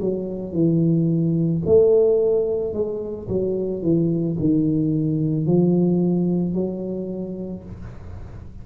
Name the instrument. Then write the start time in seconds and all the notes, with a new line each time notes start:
tuba
0.00 F#3
0.53 E3
1.66 A3
2.73 G#3
3.28 F#3
3.82 E3
4.39 D#3
5.46 F3
6.54 F#3